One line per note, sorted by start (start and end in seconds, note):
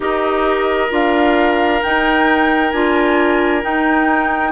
0.00 0.89 D#4
0.00 0.89 G4
0.00 4.51 A#4
0.00 0.91 D#5
0.89 1.81 D4
0.89 1.80 F4
0.89 1.82 F5
1.82 2.72 D#4
1.82 2.73 D#4
1.82 2.71 G5
2.71 3.63 D4
2.71 3.62 F4
2.71 3.62 G#5
3.62 4.51 D#4
3.62 4.51 G5